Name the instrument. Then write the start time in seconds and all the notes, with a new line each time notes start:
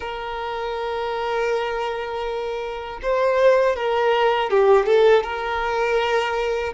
violin
0.00 A#4
3.02 C5
3.75 A#4
4.50 G4
4.86 A4
5.23 A#4